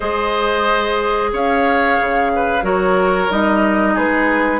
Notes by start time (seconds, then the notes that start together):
0.00 G#3 G#4 C5 D#5
1.32 C#4 C#5 F5
1.99 C#3
2.35 B4
2.62 F#3 F#4 A#4 C#5
3.30 G3 D#4 D#5
3.94 G#3 G#4 B4